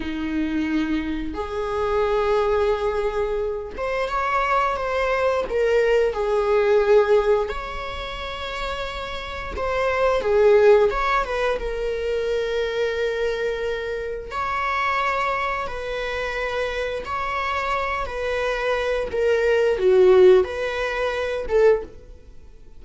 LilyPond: \new Staff \with { instrumentName = "viola" } { \time 4/4 \tempo 4 = 88 dis'2 gis'2~ | gis'4. c''8 cis''4 c''4 | ais'4 gis'2 cis''4~ | cis''2 c''4 gis'4 |
cis''8 b'8 ais'2.~ | ais'4 cis''2 b'4~ | b'4 cis''4. b'4. | ais'4 fis'4 b'4. a'8 | }